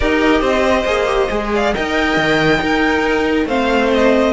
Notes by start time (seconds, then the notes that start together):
0.00 D#4 G4 A#4 D#5
0.41 C4 C5
0.85 A#3 G#4
1.06 G4
1.30 G#3 G#4
1.53 D5 F5
1.73 D#4 A#4 D#5 G5
2.16 D#3
2.58 D#4 A#4
3.45 A3 C4 C5 F5
3.94 D#5